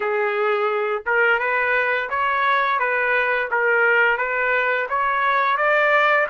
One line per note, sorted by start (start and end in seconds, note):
0.00 1.03 G#4
1.06 1.39 A#4
1.39 2.09 B4
2.09 2.79 C#5
2.79 3.49 B4
3.50 4.17 A#4
4.17 4.87 B4
4.89 5.57 C#5
5.57 6.27 D5